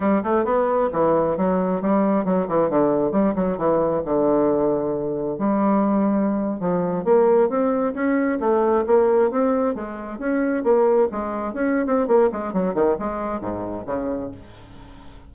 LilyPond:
\new Staff \with { instrumentName = "bassoon" } { \time 4/4 \tempo 4 = 134 g8 a8 b4 e4 fis4 | g4 fis8 e8 d4 g8 fis8 | e4 d2. | g2~ g8. f4 ais16~ |
ais8. c'4 cis'4 a4 ais16~ | ais8. c'4 gis4 cis'4 ais16~ | ais8. gis4 cis'8. c'8 ais8 gis8 | fis8 dis8 gis4 gis,4 cis4 | }